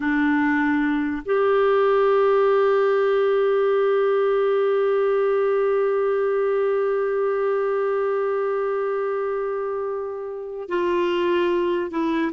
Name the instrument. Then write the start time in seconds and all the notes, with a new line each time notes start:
clarinet
0.00 D4
1.25 G4
10.68 F4
11.91 E4